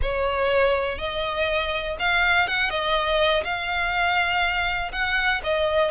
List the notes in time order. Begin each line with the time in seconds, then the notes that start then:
0.01 C#5
0.98 D#5
1.99 F5
2.47 F#5
2.70 D#5
3.44 F5
4.92 F#5
5.43 D#5